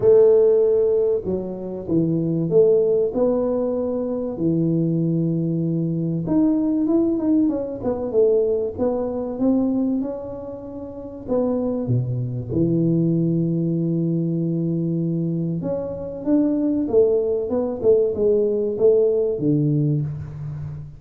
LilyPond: \new Staff \with { instrumentName = "tuba" } { \time 4/4 \tempo 4 = 96 a2 fis4 e4 | a4 b2 e4~ | e2 dis'4 e'8 dis'8 | cis'8 b8 a4 b4 c'4 |
cis'2 b4 b,4 | e1~ | e4 cis'4 d'4 a4 | b8 a8 gis4 a4 d4 | }